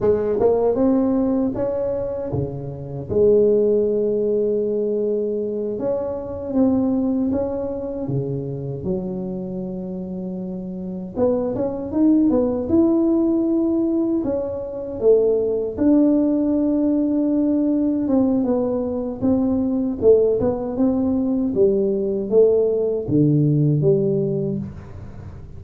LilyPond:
\new Staff \with { instrumentName = "tuba" } { \time 4/4 \tempo 4 = 78 gis8 ais8 c'4 cis'4 cis4 | gis2.~ gis8 cis'8~ | cis'8 c'4 cis'4 cis4 fis8~ | fis2~ fis8 b8 cis'8 dis'8 |
b8 e'2 cis'4 a8~ | a8 d'2. c'8 | b4 c'4 a8 b8 c'4 | g4 a4 d4 g4 | }